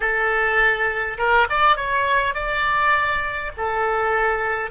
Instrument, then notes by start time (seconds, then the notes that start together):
oboe
0.00 A4
1.18 A#4
1.49 D5
1.76 C#5
2.34 D5
3.57 A4